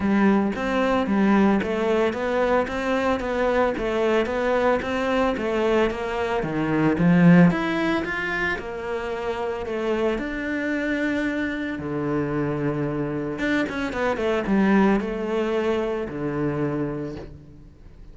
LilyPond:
\new Staff \with { instrumentName = "cello" } { \time 4/4 \tempo 4 = 112 g4 c'4 g4 a4 | b4 c'4 b4 a4 | b4 c'4 a4 ais4 | dis4 f4 e'4 f'4 |
ais2 a4 d'4~ | d'2 d2~ | d4 d'8 cis'8 b8 a8 g4 | a2 d2 | }